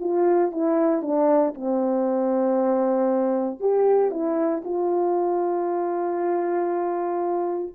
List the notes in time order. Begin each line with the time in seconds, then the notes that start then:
0.00 F4
0.52 E4
1.02 D4
1.55 C4
3.60 G4
4.11 E4
4.64 F4